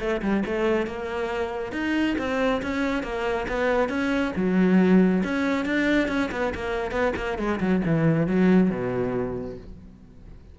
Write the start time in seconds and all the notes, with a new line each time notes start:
0.00 A3
0.22 G3
0.46 A3
0.87 A#3
1.73 D#4
2.19 C4
2.62 C#4
3.03 A#3
3.48 B3
3.89 C#4
4.36 F#3
5.24 C#4
5.65 D4
6.08 C#4
6.32 B3
6.55 A#3
6.92 B3
7.17 A#3
7.38 G#3
7.60 F#3
7.86 E3
8.27 F#3
8.71 B2